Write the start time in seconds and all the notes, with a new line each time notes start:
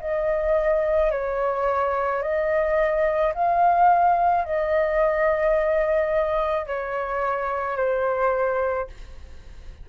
0.00 D#5
1.11 C#5
2.22 D#5
3.34 F5
4.44 D#5
6.67 C#5
7.76 C5